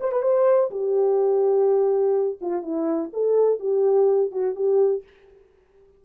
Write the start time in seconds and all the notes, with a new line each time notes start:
0.00 C5
0.12 B4
0.22 C5
0.71 G4
2.41 F4
2.62 E4
3.13 A4
3.59 G4
4.31 F#4
4.56 G4